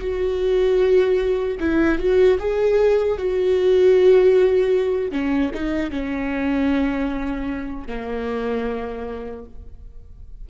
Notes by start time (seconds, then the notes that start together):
0.00 F#4
1.60 E4
1.98 F#4
2.39 G#4
3.18 F#4
5.11 C#4
5.54 D#4
5.90 C#4
7.87 A#3